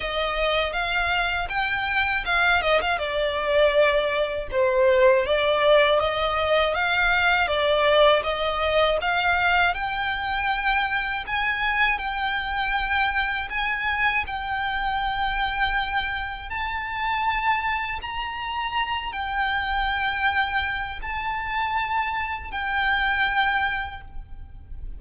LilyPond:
\new Staff \with { instrumentName = "violin" } { \time 4/4 \tempo 4 = 80 dis''4 f''4 g''4 f''8 dis''16 f''16 | d''2 c''4 d''4 | dis''4 f''4 d''4 dis''4 | f''4 g''2 gis''4 |
g''2 gis''4 g''4~ | g''2 a''2 | ais''4. g''2~ g''8 | a''2 g''2 | }